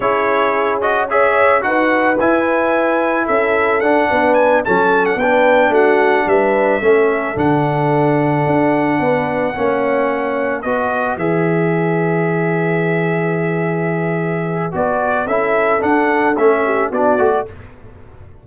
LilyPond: <<
  \new Staff \with { instrumentName = "trumpet" } { \time 4/4 \tempo 4 = 110 cis''4. dis''8 e''4 fis''4 | gis''2 e''4 fis''4 | gis''8 a''8. fis''16 g''4 fis''4 e''8~ | e''4. fis''2~ fis''8~ |
fis''2.~ fis''8 dis''8~ | dis''8 e''2.~ e''8~ | e''2. d''4 | e''4 fis''4 e''4 d''4 | }
  \new Staff \with { instrumentName = "horn" } { \time 4/4 gis'2 cis''4 b'4~ | b'2 a'4. b'8~ | b'8 a'4 b'4 fis'4 b'8~ | b'8 a'2.~ a'8~ |
a'8 b'4 cis''2 b'8~ | b'1~ | b'1 | a'2~ a'8 g'8 fis'4 | }
  \new Staff \with { instrumentName = "trombone" } { \time 4/4 e'4. fis'8 gis'4 fis'4 | e'2. d'4~ | d'8 cis'4 d'2~ d'8~ | d'8 cis'4 d'2~ d'8~ |
d'4. cis'2 fis'8~ | fis'8 gis'2.~ gis'8~ | gis'2. fis'4 | e'4 d'4 cis'4 d'8 fis'8 | }
  \new Staff \with { instrumentName = "tuba" } { \time 4/4 cis'2. dis'4 | e'2 cis'4 d'8 b8~ | b8 fis4 b4 a4 g8~ | g8 a4 d2 d'8~ |
d'8 b4 ais2 b8~ | b8 e2.~ e8~ | e2. b4 | cis'4 d'4 a4 b8 a8 | }
>>